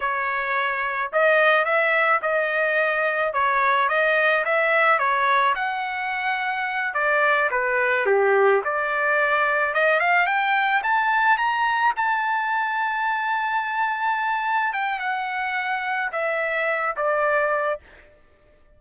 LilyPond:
\new Staff \with { instrumentName = "trumpet" } { \time 4/4 \tempo 4 = 108 cis''2 dis''4 e''4 | dis''2 cis''4 dis''4 | e''4 cis''4 fis''2~ | fis''8 d''4 b'4 g'4 d''8~ |
d''4. dis''8 f''8 g''4 a''8~ | a''8 ais''4 a''2~ a''8~ | a''2~ a''8 g''8 fis''4~ | fis''4 e''4. d''4. | }